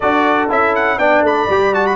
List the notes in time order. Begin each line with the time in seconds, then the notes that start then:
0.00 D4 F#4 A4 D5
0.49 C#4 E4 E5
0.75 F#5
0.98 B3 D4 D5 G5
1.21 A3 B5
1.48 G3 G4
1.73 F#4 A5
1.86 B5